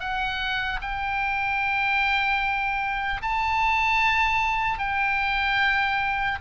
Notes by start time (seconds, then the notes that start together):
0.00 F#5
0.81 G5
3.22 A5
4.79 G5